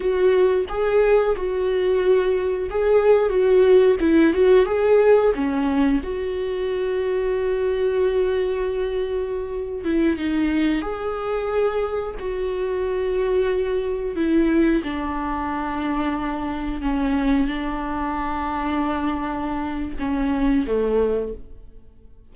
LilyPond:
\new Staff \with { instrumentName = "viola" } { \time 4/4 \tempo 4 = 90 fis'4 gis'4 fis'2 | gis'4 fis'4 e'8 fis'8 gis'4 | cis'4 fis'2.~ | fis'2~ fis'8. e'8 dis'8.~ |
dis'16 gis'2 fis'4.~ fis'16~ | fis'4~ fis'16 e'4 d'4.~ d'16~ | d'4~ d'16 cis'4 d'4.~ d'16~ | d'2 cis'4 a4 | }